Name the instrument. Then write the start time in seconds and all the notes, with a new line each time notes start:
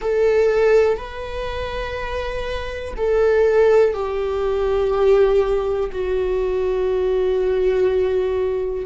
viola
0.01 A4
0.97 B4
2.96 A4
3.93 G4
5.92 F#4